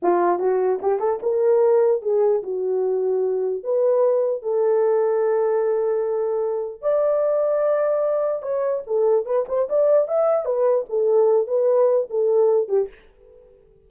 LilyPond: \new Staff \with { instrumentName = "horn" } { \time 4/4 \tempo 4 = 149 f'4 fis'4 g'8 a'8 ais'4~ | ais'4 gis'4 fis'2~ | fis'4 b'2 a'4~ | a'1~ |
a'4 d''2.~ | d''4 cis''4 a'4 b'8 c''8 | d''4 e''4 b'4 a'4~ | a'8 b'4. a'4. g'8 | }